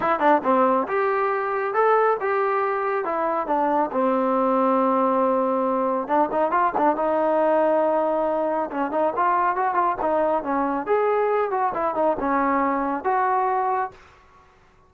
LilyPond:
\new Staff \with { instrumentName = "trombone" } { \time 4/4 \tempo 4 = 138 e'8 d'8 c'4 g'2 | a'4 g'2 e'4 | d'4 c'2.~ | c'2 d'8 dis'8 f'8 d'8 |
dis'1 | cis'8 dis'8 f'4 fis'8 f'8 dis'4 | cis'4 gis'4. fis'8 e'8 dis'8 | cis'2 fis'2 | }